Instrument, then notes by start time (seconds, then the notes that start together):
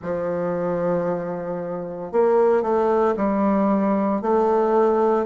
bassoon
0.02 F3
2.11 A#3
2.62 A3
3.16 G3
4.21 A3